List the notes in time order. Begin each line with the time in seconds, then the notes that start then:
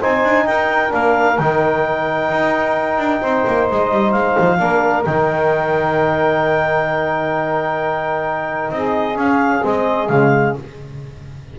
0.00 C4 D#4 C5 G#5
0.24 D4
0.46 D#4 A#4 G5
0.89 A#3 D4 F5
1.39 D#3 D#4 G5
2.30 D#4
2.98 D4
3.21 C4 C5
3.47 A#3
3.69 G#3 D#5
3.92 G3
4.12 G#3 F5
4.39 F3
4.59 A#3 D4 A#4
5.04 D#3 D#4 G5
8.70 C4 G#4 D#5
9.15 C#4 F5
9.62 G#3 C4 D#5
10.08 C#3 G#3 F5